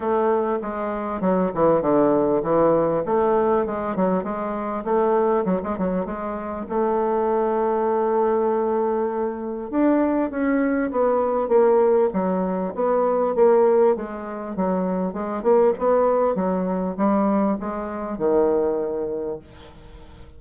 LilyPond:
\new Staff \with { instrumentName = "bassoon" } { \time 4/4 \tempo 4 = 99 a4 gis4 fis8 e8 d4 | e4 a4 gis8 fis8 gis4 | a4 fis16 gis16 fis8 gis4 a4~ | a1 |
d'4 cis'4 b4 ais4 | fis4 b4 ais4 gis4 | fis4 gis8 ais8 b4 fis4 | g4 gis4 dis2 | }